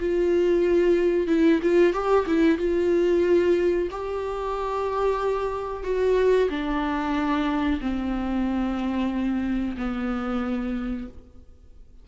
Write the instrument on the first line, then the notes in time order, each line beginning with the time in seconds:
viola
0.00 F4
1.27 E4
1.63 F4
1.93 G4
2.26 E4
2.58 F4
3.91 G4
5.84 F#4
6.50 D4
7.81 C4
9.77 B3